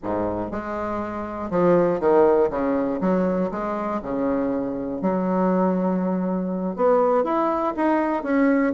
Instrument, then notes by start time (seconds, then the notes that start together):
bassoon
0.02 G#2
0.51 G#3
1.50 F3
2.00 D#3
2.50 C#3
3.00 F#3
3.51 G#3
4.02 C#3
5.01 F#3
6.76 B3
7.24 E4
7.76 D#4
8.23 C#4